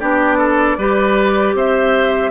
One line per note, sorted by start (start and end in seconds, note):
0.00 0.78 B3
0.00 0.79 D4
0.00 0.38 G4
0.00 1.56 D5
0.38 0.77 A4
0.78 1.54 G3
0.78 2.31 G4
0.78 1.56 B4
1.54 2.31 C4
1.54 2.31 C5
1.54 2.31 E5